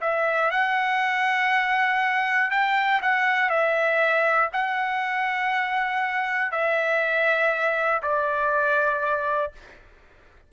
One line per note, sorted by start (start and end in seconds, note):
0.00 0.50 E5
0.50 2.50 F#5
2.50 3.00 G5
3.02 3.50 F#5
3.50 4.50 E5
4.53 6.51 F#5
6.51 8.01 E5
8.02 9.52 D5